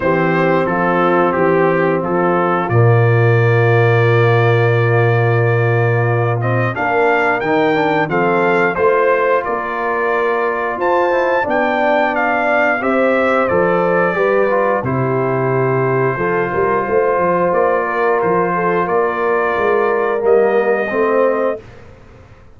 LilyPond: <<
  \new Staff \with { instrumentName = "trumpet" } { \time 4/4 \tempo 4 = 89 c''4 a'4 g'4 a'4 | d''1~ | d''4. dis''8 f''4 g''4 | f''4 c''4 d''2 |
a''4 g''4 f''4 e''4 | d''2 c''2~ | c''2 d''4 c''4 | d''2 dis''2 | }
  \new Staff \with { instrumentName = "horn" } { \time 4/4 g'4 f'4 g'4 f'4~ | f'1~ | f'2 ais'2 | a'4 c''4 ais'2 |
c''4 d''2 c''4~ | c''4 b'4 g'2 | a'8 ais'8 c''4. ais'4 a'8 | ais'2. c''4 | }
  \new Staff \with { instrumentName = "trombone" } { \time 4/4 c'1 | ais1~ | ais4. c'8 d'4 dis'8 d'8 | c'4 f'2.~ |
f'8 e'8 d'2 g'4 | a'4 g'8 f'8 e'2 | f'1~ | f'2 ais4 c'4 | }
  \new Staff \with { instrumentName = "tuba" } { \time 4/4 e4 f4 e4 f4 | ais,1~ | ais,2 ais4 dis4 | f4 a4 ais2 |
f'4 b2 c'4 | f4 g4 c2 | f8 g8 a8 f8 ais4 f4 | ais4 gis4 g4 a4 | }
>>